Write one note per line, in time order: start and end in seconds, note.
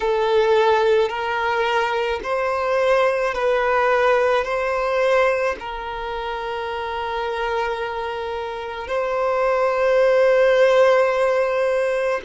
0.00 1.09 A4
1.09 2.20 A#4
2.23 3.34 C5
3.34 4.44 B4
4.44 5.55 C5
5.59 8.87 A#4
8.87 12.20 C5